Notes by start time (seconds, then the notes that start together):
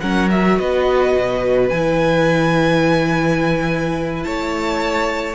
0.00 F#3 C#4 A#4 F#5
0.29 F#4 E5
0.57 B3 B4 D#5
1.16 B2
1.68 E3 E4 G#5
4.23 A3 C#5 A5